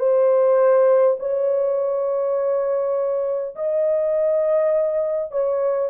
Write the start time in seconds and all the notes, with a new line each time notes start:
0.00 C5
1.20 C#5
3.56 D#5
5.32 C#5